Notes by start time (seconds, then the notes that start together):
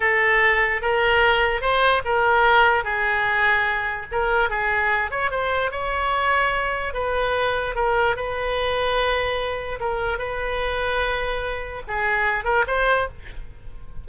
0.00 A4
0.81 A#4
1.61 C5
2.04 A#4
2.84 G#4
4.11 A#4
4.49 G#4
5.10 C#5
5.30 C5
5.71 C#5
6.93 B4
7.75 A#4
8.16 B4
9.79 A#4
10.18 B4
11.87 G#4
12.44 A#4
12.67 C5